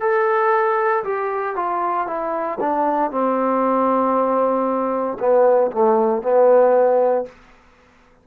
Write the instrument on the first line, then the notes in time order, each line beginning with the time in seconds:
trombone
0.00 A4
1.04 G4
1.56 F4
2.07 E4
2.60 D4
3.11 C4
5.19 B3
5.72 A3
6.22 B3